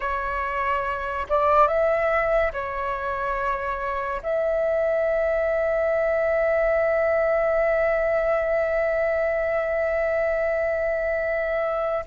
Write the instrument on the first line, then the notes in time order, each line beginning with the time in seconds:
flute
0.00 C#5
1.29 D5
1.67 E5
2.52 C#5
4.23 E5